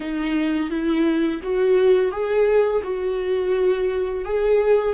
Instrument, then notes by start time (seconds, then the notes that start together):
viola
0.00 D#4
0.70 E4
1.42 F#4
2.11 G#4
2.83 F#4
4.24 G#4